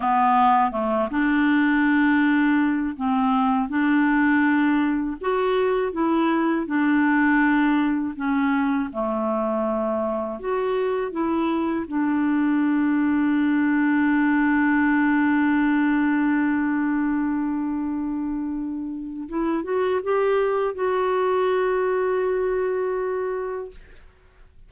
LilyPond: \new Staff \with { instrumentName = "clarinet" } { \time 4/4 \tempo 4 = 81 b4 a8 d'2~ d'8 | c'4 d'2 fis'4 | e'4 d'2 cis'4 | a2 fis'4 e'4 |
d'1~ | d'1~ | d'2 e'8 fis'8 g'4 | fis'1 | }